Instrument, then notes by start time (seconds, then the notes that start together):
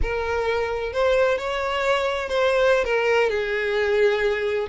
violin
0.01 A#4
0.92 C5
1.38 C#5
2.28 C5
2.84 A#4
3.29 G#4